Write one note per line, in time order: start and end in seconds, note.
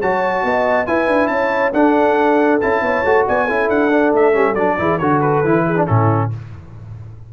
0.00 0.43 F#3
0.00 0.86 F#4
0.00 0.43 C#5
0.00 0.86 A5
0.43 0.87 B3
0.43 0.87 D#5
0.86 1.73 E4
0.86 1.07 E4
0.86 1.31 B4
0.86 1.27 G#5
1.07 1.28 D4
1.27 1.72 C#4
1.27 1.74 C#5
1.27 1.71 A5
1.73 2.60 D4
1.73 2.61 D4
1.73 2.82 A4
1.73 2.60 F#5
2.61 2.81 C#4
2.61 3.05 E4
2.61 3.26 A5
2.81 3.03 B3
2.81 3.26 C#5
3.04 3.26 A3
3.04 3.49 F#4
3.27 3.49 B3
3.27 3.45 D5
3.27 3.69 G#5
3.45 3.69 C#4
3.45 3.90 E4
3.45 4.75 A4
3.69 4.12 D4
3.69 4.13 F#5
3.90 4.33 D4
4.13 4.34 A3
4.13 4.55 E5
4.33 4.55 G3
4.33 4.54 C#4
4.55 4.77 F#3
4.55 4.78 D4
4.55 4.98 D5
4.78 5.00 E3
4.78 5.00 E4
4.78 5.00 G#4
4.98 5.43 D3
4.98 5.44 F#4
4.98 5.65 A4
4.98 5.20 C#5
5.21 5.86 B4
5.44 5.87 E3
5.44 5.76 E4
5.65 5.86 G#4
5.76 5.87 D4
5.86 6.33 A2
5.86 6.30 C#4
5.86 6.29 E4
5.86 6.30 A4